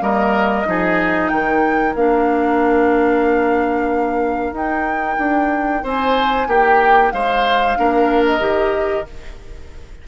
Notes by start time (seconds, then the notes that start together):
0.00 G3 A#3 A#4 D#5
0.66 F3 D#4 G#4
1.29 D#3 A#4 G5
1.96 A#3 D4 F5
4.53 D#4 G5
5.19 D4
5.84 C4 C5 G#5
6.48 A#3 G4 G5
7.12 G#3 C5 F5
7.77 A#3 D4 A#4
8.27 D#5
8.40 D#3 G4